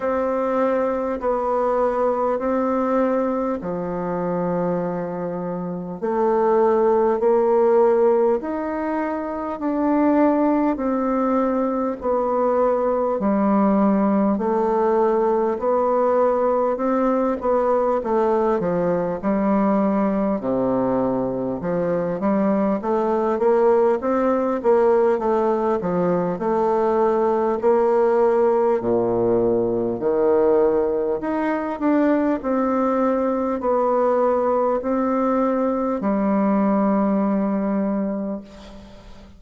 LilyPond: \new Staff \with { instrumentName = "bassoon" } { \time 4/4 \tempo 4 = 50 c'4 b4 c'4 f4~ | f4 a4 ais4 dis'4 | d'4 c'4 b4 g4 | a4 b4 c'8 b8 a8 f8 |
g4 c4 f8 g8 a8 ais8 | c'8 ais8 a8 f8 a4 ais4 | ais,4 dis4 dis'8 d'8 c'4 | b4 c'4 g2 | }